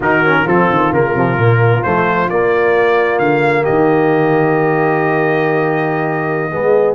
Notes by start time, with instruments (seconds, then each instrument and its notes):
0.00 tuba D#3, trombone D#4, horn F#4, trumpet A#4
0.25 trombone C#4
0.43 tuba F3, trombone C4, horn F4, trumpet A4
0.69 tuba D#3
0.92 tuba C#3, trombone A#3, trumpet A#4
1.15 tuba C3, trombone F3
1.36 tuba A#2, trombone A#3
1.83 tuba F3, trombone A3, trumpet C5
2.29 tuba A#3, trombone A#3, trumpet D5
3.18 tuba D3, trumpet F5
3.62 horn G4, trumpet D#5
3.68 tuba D#3
6.51 tuba G#3, trombone B3, horn G#4